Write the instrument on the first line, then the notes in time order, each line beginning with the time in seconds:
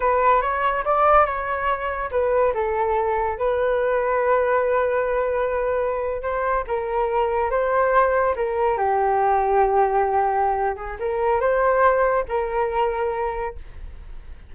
flute
0.00 B4
0.41 C#5
0.85 D5
1.25 C#5
2.11 B4
2.54 A4
3.38 B4
6.22 C5
6.67 A#4
7.50 C5
8.35 A#4
8.77 G4
10.76 G#4
10.99 A#4
11.40 C5
12.28 A#4